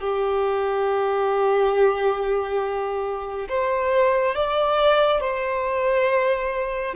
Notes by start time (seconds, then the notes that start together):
0.00 G4
3.49 C5
4.35 D5
5.21 C5